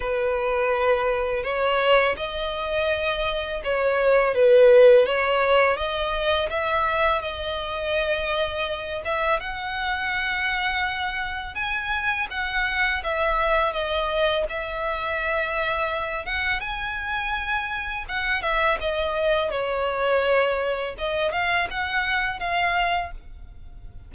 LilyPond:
\new Staff \with { instrumentName = "violin" } { \time 4/4 \tempo 4 = 83 b'2 cis''4 dis''4~ | dis''4 cis''4 b'4 cis''4 | dis''4 e''4 dis''2~ | dis''8 e''8 fis''2. |
gis''4 fis''4 e''4 dis''4 | e''2~ e''8 fis''8 gis''4~ | gis''4 fis''8 e''8 dis''4 cis''4~ | cis''4 dis''8 f''8 fis''4 f''4 | }